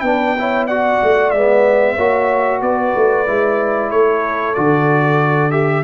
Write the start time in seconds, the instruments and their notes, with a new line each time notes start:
0.00 tuba B3, trombone D4, horn B4, trumpet G5
0.38 trombone E4, horn C#5
0.67 trombone F#4, horn D5, trumpet F#5
1.03 tuba A3
1.30 tuba G#3, trombone B3, trumpet E5
1.96 tuba A#3, trombone F#4, horn C#5
2.61 tuba B3, horn B4, trumpet D5
2.96 tuba A3
3.26 tuba G#3, trombone E4
3.90 tuba A3, horn A4, trumpet C#5
4.54 tuba D3, trombone F#4, trumpet D5
5.51 trombone G4, trumpet E5